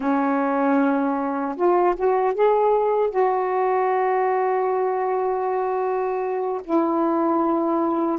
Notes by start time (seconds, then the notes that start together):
0.00 C#4
1.56 F4
1.96 F#4
2.34 G#4
3.10 F#4
6.63 E4